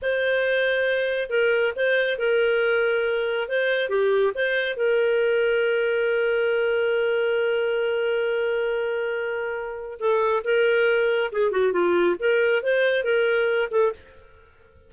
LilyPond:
\new Staff \with { instrumentName = "clarinet" } { \time 4/4 \tempo 4 = 138 c''2. ais'4 | c''4 ais'2. | c''4 g'4 c''4 ais'4~ | ais'1~ |
ais'1~ | ais'2. a'4 | ais'2 gis'8 fis'8 f'4 | ais'4 c''4 ais'4. a'8 | }